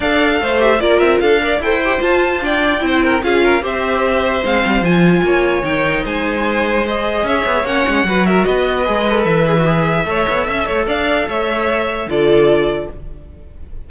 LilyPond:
<<
  \new Staff \with { instrumentName = "violin" } { \time 4/4 \tempo 4 = 149 f''4. e''8 d''8 e''8 f''4 | g''4 a''4 g''2 | f''4 e''2 f''4 | gis''2 g''4 gis''4~ |
gis''4 dis''4 e''4 fis''4~ | fis''8 e''8 dis''2 e''4~ | e''2. f''4 | e''2 d''2 | }
  \new Staff \with { instrumentName = "violin" } { \time 4/4 d''4 c''4 ais'4 a'8 d''8 | c''2 d''4 c''8 ais'8 | gis'8 ais'8 c''2.~ | c''4 cis''2 c''4~ |
c''2 cis''2 | b'8 ais'8 b'2.~ | b'4 cis''4 e''8 cis''8 d''4 | cis''2 a'2 | }
  \new Staff \with { instrumentName = "viola" } { \time 4/4 a'4. g'8 f'4. ais'8 | a'8 g'8 f'4 d'4 e'4 | f'4 g'2 c'4 | f'2 dis'2~ |
dis'4 gis'2 cis'4 | fis'2 gis'8 a'4 gis'16 fis'16 | gis'4 a'2.~ | a'2 f'2 | }
  \new Staff \with { instrumentName = "cello" } { \time 4/4 d'4 a4 ais8 c'8 d'4 | e'4 f'2 c'4 | cis'4 c'2 gis8 g8 | f4 ais4 dis4 gis4~ |
gis2 cis'8 b8 ais8 gis8 | fis4 b4 gis4 e4~ | e4 a8 b8 cis'8 a8 d'4 | a2 d2 | }
>>